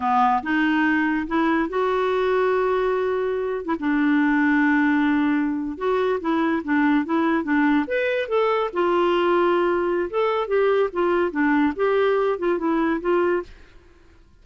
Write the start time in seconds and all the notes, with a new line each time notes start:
0.00 B3
0.43 D#4
1.27 E4
1.69 F#4
3.65 E4
3.79 D4
5.77 F#4
6.20 E4
6.64 D4
7.05 E4
7.43 D4
7.87 B4
8.28 A4
8.73 F4
10.10 A4
10.47 G4
10.92 F4
11.31 D4
11.76 G4
12.39 F4
12.58 E4
13.00 F4